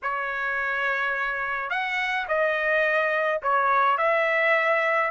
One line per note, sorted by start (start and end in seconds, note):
0.02 1.70 C#5
1.70 2.26 F#5
2.28 3.41 D#5
3.42 3.97 C#5
3.97 5.10 E5